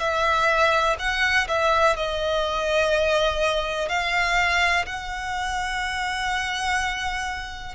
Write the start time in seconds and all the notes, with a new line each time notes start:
0.00 E5
0.99 F#5
1.48 E5
1.97 D#5
3.89 F5
4.87 F#5